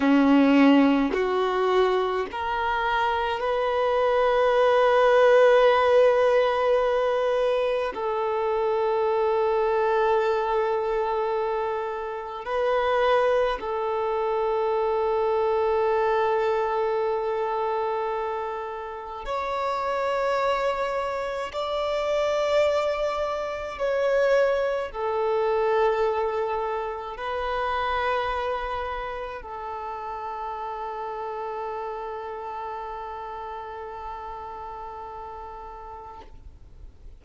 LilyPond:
\new Staff \with { instrumentName = "violin" } { \time 4/4 \tempo 4 = 53 cis'4 fis'4 ais'4 b'4~ | b'2. a'4~ | a'2. b'4 | a'1~ |
a'4 cis''2 d''4~ | d''4 cis''4 a'2 | b'2 a'2~ | a'1 | }